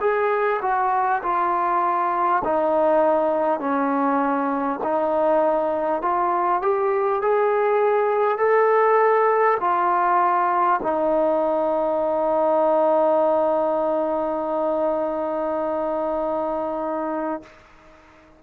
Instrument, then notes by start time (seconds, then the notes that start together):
trombone
0.00 G#4
0.61 F#4
1.22 F4
2.44 D#4
3.59 C#4
4.83 D#4
6.02 F4
6.62 G4
7.21 G#4
8.38 A4
9.60 F4
10.82 D#4